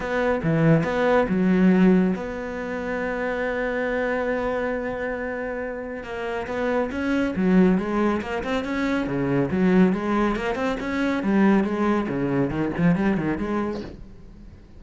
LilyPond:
\new Staff \with { instrumentName = "cello" } { \time 4/4 \tempo 4 = 139 b4 e4 b4 fis4~ | fis4 b2.~ | b1~ | b2 ais4 b4 |
cis'4 fis4 gis4 ais8 c'8 | cis'4 cis4 fis4 gis4 | ais8 c'8 cis'4 g4 gis4 | cis4 dis8 f8 g8 dis8 gis4 | }